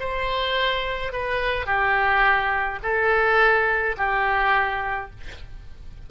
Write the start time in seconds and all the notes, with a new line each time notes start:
0.00 C5
1.13 B4
1.66 G4
2.83 A4
3.97 G4